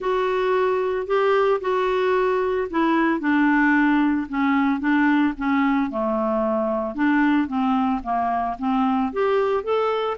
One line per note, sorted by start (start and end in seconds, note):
0.00 1.06 F#4
1.06 1.60 G4
1.60 2.68 F#4
2.70 3.20 E4
3.20 4.27 D4
4.29 4.80 C#4
4.80 5.33 D4
5.37 5.90 C#4
5.90 6.94 A3
6.94 7.47 D4
7.47 8.01 C4
8.03 8.56 A#3
8.58 9.12 C4
9.12 9.63 G4
9.63 10.17 A4